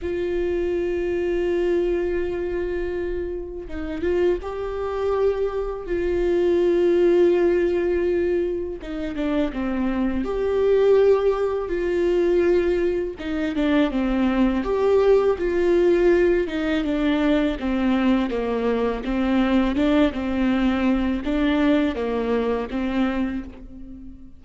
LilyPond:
\new Staff \with { instrumentName = "viola" } { \time 4/4 \tempo 4 = 82 f'1~ | f'4 dis'8 f'8 g'2 | f'1 | dis'8 d'8 c'4 g'2 |
f'2 dis'8 d'8 c'4 | g'4 f'4. dis'8 d'4 | c'4 ais4 c'4 d'8 c'8~ | c'4 d'4 ais4 c'4 | }